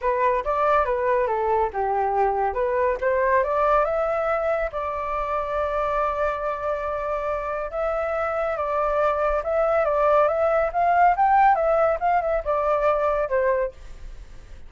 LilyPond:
\new Staff \with { instrumentName = "flute" } { \time 4/4 \tempo 4 = 140 b'4 d''4 b'4 a'4 | g'2 b'4 c''4 | d''4 e''2 d''4~ | d''1~ |
d''2 e''2 | d''2 e''4 d''4 | e''4 f''4 g''4 e''4 | f''8 e''8 d''2 c''4 | }